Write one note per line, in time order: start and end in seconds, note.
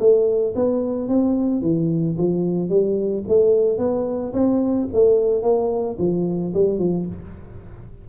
0.00 0.55 A3
0.56 1.09 B3
1.09 1.62 C4
1.62 2.17 E3
2.18 2.70 F3
2.70 3.24 G3
3.29 3.79 A3
3.79 4.33 B3
4.34 4.88 C4
4.94 5.43 A3
5.43 5.97 A#3
5.99 6.54 F3
6.54 6.79 G3
6.79 7.07 F3